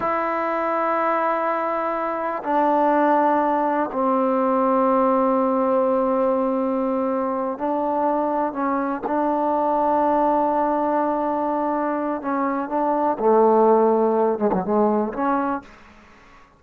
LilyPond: \new Staff \with { instrumentName = "trombone" } { \time 4/4 \tempo 4 = 123 e'1~ | e'4 d'2. | c'1~ | c'2.~ c'8 d'8~ |
d'4. cis'4 d'4.~ | d'1~ | d'4 cis'4 d'4 a4~ | a4. gis16 fis16 gis4 cis'4 | }